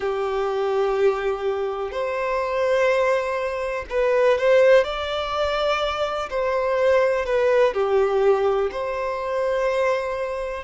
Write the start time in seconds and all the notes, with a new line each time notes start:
0.00 G4
1.91 C5
3.89 B4
4.38 C5
4.84 D5
6.29 C5
7.25 B4
7.73 G4
8.71 C5